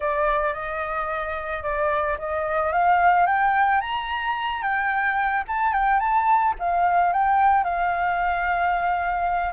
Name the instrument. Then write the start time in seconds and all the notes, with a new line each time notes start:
flute
0.00 D5
0.53 D#5
1.62 D5
2.18 D#5
2.72 F5
3.26 G5
3.80 A#5
4.62 G5
5.47 A5
5.72 G5
5.99 A5
6.59 F5
7.12 G5
7.63 F5